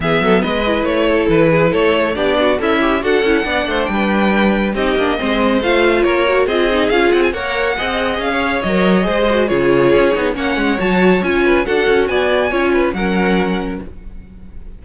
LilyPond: <<
  \new Staff \with { instrumentName = "violin" } { \time 4/4 \tempo 4 = 139 e''4 dis''4 cis''4 b'4 | cis''4 d''4 e''4 fis''4~ | fis''4 g''2 dis''4~ | dis''4 f''4 cis''4 dis''4 |
f''8 fis''16 gis''16 fis''2 f''4 | dis''2 cis''2 | fis''4 a''4 gis''4 fis''4 | gis''2 fis''2 | }
  \new Staff \with { instrumentName = "violin" } { \time 4/4 gis'8 a'8 b'4. a'4 gis'8 | a'4 g'8 fis'8 e'4 a'4 | d''8 c''8 b'2 g'4 | c''2 ais'4 gis'4~ |
gis'4 cis''4 dis''4~ dis''16 cis''8.~ | cis''4 c''4 gis'2 | cis''2~ cis''8 b'8 a'4 | d''4 cis''8 b'8 ais'2 | }
  \new Staff \with { instrumentName = "viola" } { \time 4/4 b4. e'2~ e'8~ | e'4 d'4 a'8 g'8 fis'8 e'8 | d'2. dis'8 d'8 | c'4 f'4. fis'8 f'8 dis'8 |
f'4 ais'4 gis'2 | ais'4 gis'8 fis'8 f'4. dis'8 | cis'4 fis'4 f'4 fis'4~ | fis'4 f'4 cis'2 | }
  \new Staff \with { instrumentName = "cello" } { \time 4/4 e8 fis8 gis4 a4 e4 | a4 b4 cis'4 d'8 cis'8 | b8 a8 g2 c'8 ais8 | gis4 a4 ais4 c'4 |
cis'8 c'8 ais4 c'4 cis'4 | fis4 gis4 cis4 cis'8 b8 | ais8 gis8 fis4 cis'4 d'8 cis'8 | b4 cis'4 fis2 | }
>>